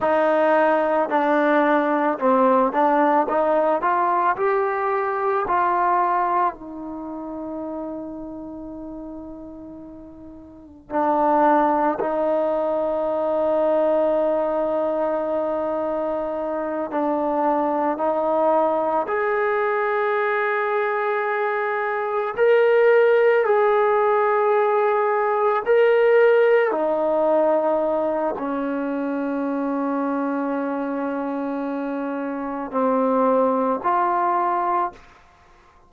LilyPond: \new Staff \with { instrumentName = "trombone" } { \time 4/4 \tempo 4 = 55 dis'4 d'4 c'8 d'8 dis'8 f'8 | g'4 f'4 dis'2~ | dis'2 d'4 dis'4~ | dis'2.~ dis'8 d'8~ |
d'8 dis'4 gis'2~ gis'8~ | gis'8 ais'4 gis'2 ais'8~ | ais'8 dis'4. cis'2~ | cis'2 c'4 f'4 | }